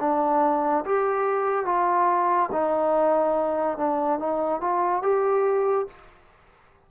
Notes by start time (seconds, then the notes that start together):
0.00 D4
0.86 G4
1.65 F4
2.52 D#4
3.78 D4
4.19 D#4
4.61 F4
5.03 G4